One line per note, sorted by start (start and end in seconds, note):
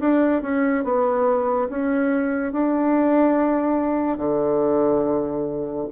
0.00 0.42 D4
0.42 0.84 C#4
0.84 1.69 B3
1.70 2.53 C#4
2.53 4.18 D4
4.18 5.87 D3